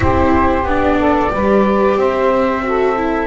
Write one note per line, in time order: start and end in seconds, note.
0.00 0.63 C4
0.00 0.63 E4
0.00 0.98 G4
0.00 0.67 C5
0.63 1.29 B3
0.63 1.29 D4
0.63 1.99 D5
0.98 1.31 A4
1.29 1.95 G3
1.29 2.61 G4
1.29 1.98 B4
1.95 3.27 C4
1.95 2.64 C5
1.95 3.27 E5
2.62 2.95 F#4
2.62 3.27 A4
2.96 3.27 E4